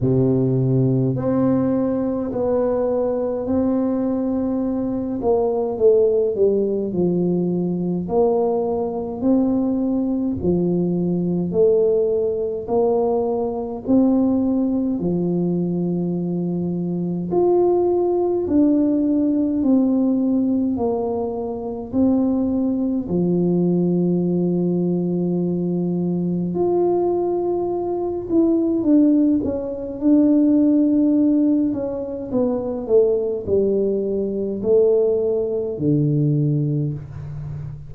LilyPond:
\new Staff \with { instrumentName = "tuba" } { \time 4/4 \tempo 4 = 52 c4 c'4 b4 c'4~ | c'8 ais8 a8 g8 f4 ais4 | c'4 f4 a4 ais4 | c'4 f2 f'4 |
d'4 c'4 ais4 c'4 | f2. f'4~ | f'8 e'8 d'8 cis'8 d'4. cis'8 | b8 a8 g4 a4 d4 | }